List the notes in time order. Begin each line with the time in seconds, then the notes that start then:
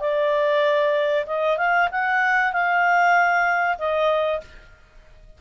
0.00 D5
1.26 D#5
1.57 F5
1.91 F#5
2.52 F5
3.78 D#5